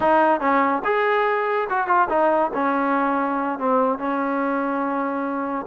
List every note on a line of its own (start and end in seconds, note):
0.00 0.40 D#4
0.40 0.82 C#4
0.84 1.68 G#4
1.69 1.87 F#4
1.87 2.08 F4
2.09 2.51 D#4
2.54 3.58 C#4
3.58 3.98 C4
3.98 5.66 C#4